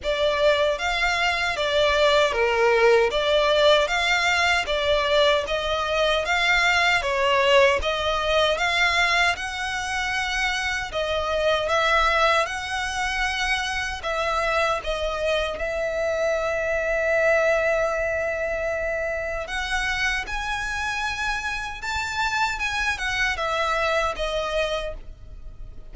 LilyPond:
\new Staff \with { instrumentName = "violin" } { \time 4/4 \tempo 4 = 77 d''4 f''4 d''4 ais'4 | d''4 f''4 d''4 dis''4 | f''4 cis''4 dis''4 f''4 | fis''2 dis''4 e''4 |
fis''2 e''4 dis''4 | e''1~ | e''4 fis''4 gis''2 | a''4 gis''8 fis''8 e''4 dis''4 | }